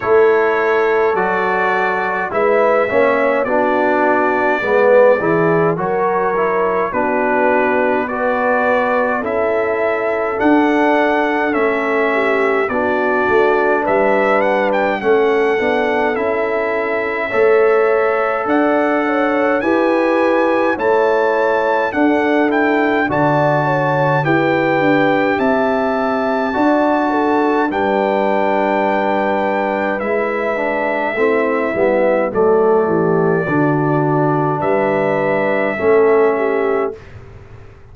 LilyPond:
<<
  \new Staff \with { instrumentName = "trumpet" } { \time 4/4 \tempo 4 = 52 cis''4 d''4 e''4 d''4~ | d''4 cis''4 b'4 d''4 | e''4 fis''4 e''4 d''4 | e''8 fis''16 g''16 fis''4 e''2 |
fis''4 gis''4 a''4 fis''8 g''8 | a''4 g''4 a''2 | g''2 e''2 | d''2 e''2 | }
  \new Staff \with { instrumentName = "horn" } { \time 4/4 a'2 b'8 cis''8 fis'4 | b'8 gis'8 ais'4 fis'4 b'4 | a'2~ a'8 g'8 fis'4 | b'4 a'2 cis''4 |
d''8 cis''8 b'4 cis''4 a'4 | d''8 cis''8 b'4 e''4 d''8 a'8 | b'2. e'4 | a'8 g'8 fis'4 b'4 a'8 g'8 | }
  \new Staff \with { instrumentName = "trombone" } { \time 4/4 e'4 fis'4 e'8 cis'8 d'4 | b8 e'8 fis'8 e'8 d'4 fis'4 | e'4 d'4 cis'4 d'4~ | d'4 cis'8 d'8 e'4 a'4~ |
a'4 g'4 e'4 d'8 e'8 | fis'4 g'2 fis'4 | d'2 e'8 d'8 c'8 b8 | a4 d'2 cis'4 | }
  \new Staff \with { instrumentName = "tuba" } { \time 4/4 a4 fis4 gis8 ais8 b4 | gis8 e8 fis4 b2 | cis'4 d'4 a4 b8 a8 | g4 a8 b8 cis'4 a4 |
d'4 e'4 a4 d'4 | d4 e'8 d'8 c'4 d'4 | g2 gis4 a8 g8 | fis8 e8 d4 g4 a4 | }
>>